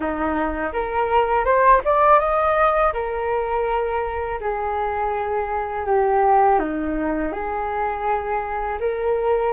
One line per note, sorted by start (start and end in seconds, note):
0.00 0.72 D#4
0.73 1.44 A#4
1.44 1.81 C5
1.85 2.20 D5
2.20 2.93 D#5
2.93 4.39 A#4
4.40 5.86 G#4
5.86 6.59 G4
6.59 7.32 D#4
7.32 8.78 G#4
8.79 9.53 A#4